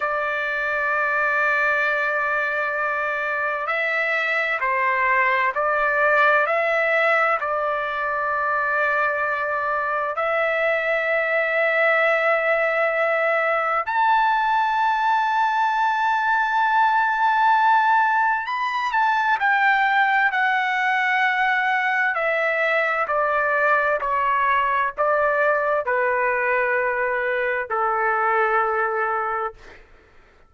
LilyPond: \new Staff \with { instrumentName = "trumpet" } { \time 4/4 \tempo 4 = 65 d''1 | e''4 c''4 d''4 e''4 | d''2. e''4~ | e''2. a''4~ |
a''1 | b''8 a''8 g''4 fis''2 | e''4 d''4 cis''4 d''4 | b'2 a'2 | }